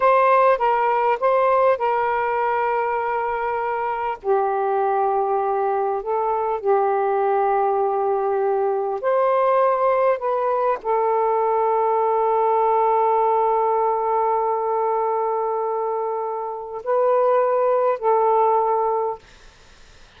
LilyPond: \new Staff \with { instrumentName = "saxophone" } { \time 4/4 \tempo 4 = 100 c''4 ais'4 c''4 ais'4~ | ais'2. g'4~ | g'2 a'4 g'4~ | g'2. c''4~ |
c''4 b'4 a'2~ | a'1~ | a'1 | b'2 a'2 | }